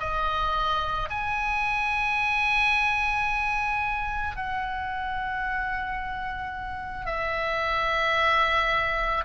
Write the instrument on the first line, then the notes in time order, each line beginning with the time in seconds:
oboe
0.00 D#5
1.10 G#5
4.36 F#5
7.06 E5